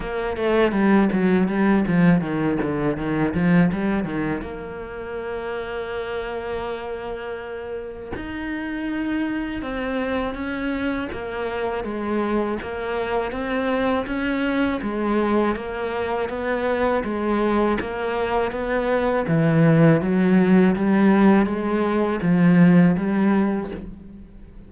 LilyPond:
\new Staff \with { instrumentName = "cello" } { \time 4/4 \tempo 4 = 81 ais8 a8 g8 fis8 g8 f8 dis8 d8 | dis8 f8 g8 dis8 ais2~ | ais2. dis'4~ | dis'4 c'4 cis'4 ais4 |
gis4 ais4 c'4 cis'4 | gis4 ais4 b4 gis4 | ais4 b4 e4 fis4 | g4 gis4 f4 g4 | }